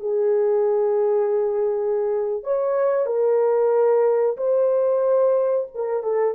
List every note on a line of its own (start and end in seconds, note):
0.00 2.44 G#4
2.44 3.06 C#5
3.06 4.37 A#4
4.37 5.67 C5
5.75 6.03 A#4
6.03 6.35 A4